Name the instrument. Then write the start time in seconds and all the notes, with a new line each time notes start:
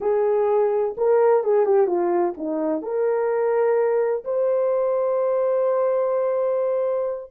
horn
0.00 G#4
0.97 A#4
1.43 G#4
1.65 G4
1.87 F4
2.37 D#4
2.82 A#4
4.24 C5